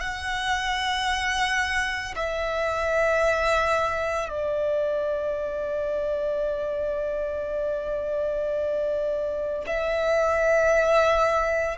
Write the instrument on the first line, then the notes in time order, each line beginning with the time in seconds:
violin
0.00 F#5
2.16 E5
4.29 D5
9.66 E5